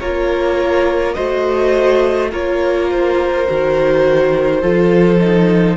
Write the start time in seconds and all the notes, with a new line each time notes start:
0.00 A#3 F4 A#4 C#5
1.14 A3 F#4 C5 D#5
2.31 A#3 F4 A#4 C#5
2.90 C5
3.48 D#3 F#4
4.61 F3 F4 A4
5.20 D#4